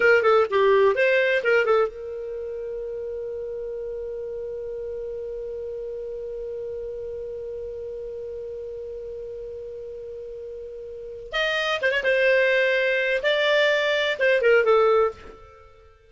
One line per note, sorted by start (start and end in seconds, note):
0.00 0.22 A#4
0.22 0.46 A4
0.50 0.95 G4
0.95 1.42 C5
1.43 1.65 A#4
1.65 1.88 A4
1.88 11.32 A#4
11.32 11.79 D#5
11.81 11.91 C5
11.91 12.03 C#5
12.03 13.21 C5
13.22 14.17 D5
14.19 14.41 C5
14.41 14.64 A#4
14.64 15.11 A4